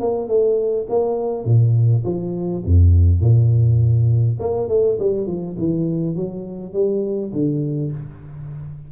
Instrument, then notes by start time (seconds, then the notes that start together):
tuba
0.00 A#3
0.28 A3
0.89 A#3
1.45 A#2
2.05 F3
2.65 F2
3.20 A#2
4.40 A#3
4.68 A3
4.99 G3
5.27 F3
5.59 E3
6.16 F#3
6.74 G3
7.33 D3